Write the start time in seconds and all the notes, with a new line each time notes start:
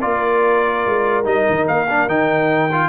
0.00 A#3 F4 A#4 D5
0.86 G#3
1.24 G3 D#4 D#5
1.50 D#3
1.67 A#3 F5
1.89 D4
2.07 D#3 D#4 G5
2.72 F4